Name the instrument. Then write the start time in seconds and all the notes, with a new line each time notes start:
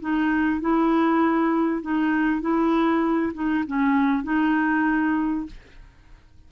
clarinet
0.00 D#4
0.60 E4
1.82 D#4
2.41 E4
3.34 D#4
3.67 C#4
4.24 D#4